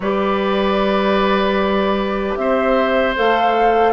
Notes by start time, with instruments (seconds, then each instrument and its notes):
0.00 bassoon G3, clarinet G4, oboe B4, flute D5
2.35 bassoon C4, oboe C5, flute E5
3.16 bassoon A3, clarinet A4, flute F5